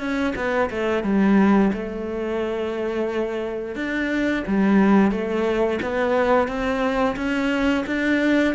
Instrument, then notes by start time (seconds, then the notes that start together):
cello
0.00 C#4
0.36 B3
0.70 A3
1.04 G3
1.73 A3
3.76 D4
4.48 G3
5.11 A3
5.82 B3
6.48 C4
7.17 C#4
7.87 D4